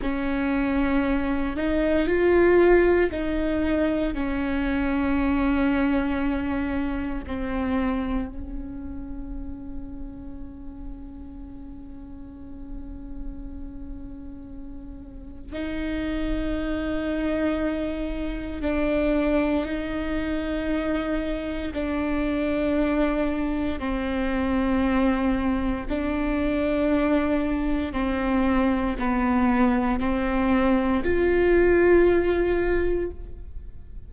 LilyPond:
\new Staff \with { instrumentName = "viola" } { \time 4/4 \tempo 4 = 58 cis'4. dis'8 f'4 dis'4 | cis'2. c'4 | cis'1~ | cis'2. dis'4~ |
dis'2 d'4 dis'4~ | dis'4 d'2 c'4~ | c'4 d'2 c'4 | b4 c'4 f'2 | }